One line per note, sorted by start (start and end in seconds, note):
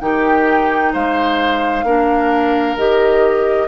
0.00 0.93 D#3
0.00 1.85 D#4
0.00 0.92 G4
0.00 0.92 G5
0.92 1.83 G#3
0.92 1.85 C5
0.92 2.77 F5
1.83 2.76 A#3
1.83 2.77 D4
1.83 3.68 A#4
2.76 3.68 D#3
2.76 3.68 G4
2.76 3.68 D#5